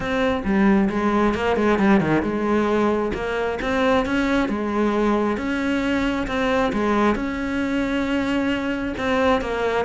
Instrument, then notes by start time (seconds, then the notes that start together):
cello
0.00 C4
0.44 G3
0.89 G#3
1.34 A#3
1.56 G#3
1.78 G3
2.00 D#3
2.22 G#3
3.14 A#3
3.61 C4
4.05 C#4
4.49 G#3
5.37 C#4
6.27 C4
6.73 G#3
7.15 C#4
8.97 C4
9.41 A#3